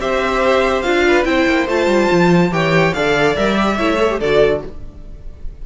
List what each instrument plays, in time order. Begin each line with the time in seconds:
0.00 cello C4, viola G4, violin C5 E5
0.82 cello D4, viola F4, violin F5
1.08 violin B4
1.25 cello C4, viola E4, violin C5 G5
1.47 cello A#3
1.68 cello A3, viola F4, violin A5
1.87 cello G3
2.12 cello F3
2.51 cello E3, viola G4, violin C#5 G5
2.94 cello D3, viola A4, violin D5 F5
3.36 cello G3, viola A#4, violin E5
3.56 viola G4
3.78 cello A3, viola E4, violin C#5
3.99 viola A4
4.10 viola G4
4.20 cello D3, viola F#4, violin A4 D5